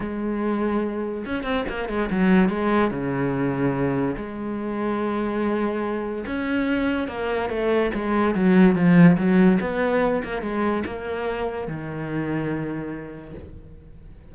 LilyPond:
\new Staff \with { instrumentName = "cello" } { \time 4/4 \tempo 4 = 144 gis2. cis'8 c'8 | ais8 gis8 fis4 gis4 cis4~ | cis2 gis2~ | gis2. cis'4~ |
cis'4 ais4 a4 gis4 | fis4 f4 fis4 b4~ | b8 ais8 gis4 ais2 | dis1 | }